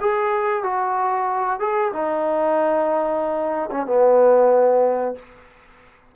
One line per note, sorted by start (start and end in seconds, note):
0.00 0.63 G#4
0.63 1.59 F#4
1.59 1.91 G#4
1.92 3.70 D#4
3.70 3.86 C#4
3.86 5.15 B3